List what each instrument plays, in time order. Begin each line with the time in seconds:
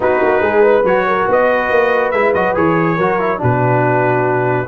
0.00 tuba B3, trombone D#4, horn F#4, trumpet B4
0.22 tuba A#3
0.40 tuba G#3, horn G#4
0.62 horn B4
0.84 tuba F#3, trombone F#4, trumpet C#5
1.07 horn A#4
1.28 tuba B3, horn B4, trumpet D#5
1.70 tuba A#3
2.11 tuba G#3, trombone E4, trumpet E5
2.33 tuba F#3, trombone F#4, trumpet D#5
2.54 tuba E3, trombone G#4, trumpet C#5
2.96 tuba F#3, trombone F#4, horn A#4
3.19 trombone E4
3.38 tuba B2, trombone D4, horn F#4, trumpet B4